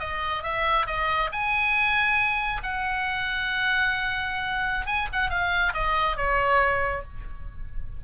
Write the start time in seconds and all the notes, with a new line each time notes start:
0.00 D#5
0.43 E5
0.87 D#5
1.32 G#5
2.63 F#5
4.86 G#5
5.13 F#5
5.30 F5
5.74 D#5
6.17 C#5